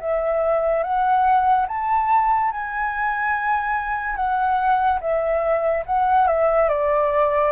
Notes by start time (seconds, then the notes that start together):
0.00 E5
0.83 F#5
1.68 A5
2.51 G#5
4.16 F#5
5.01 E5
5.86 F#5
6.27 E5
6.69 D5